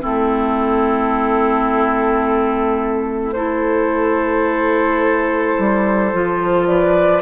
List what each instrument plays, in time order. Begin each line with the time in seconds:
0.00 bassoon A3, clarinet C4, oboe E4, flute A4
3.32 clarinet E4, oboe A4, flute C5
5.58 bassoon G3
6.12 bassoon F3, clarinet F4
6.66 oboe B4, flute D5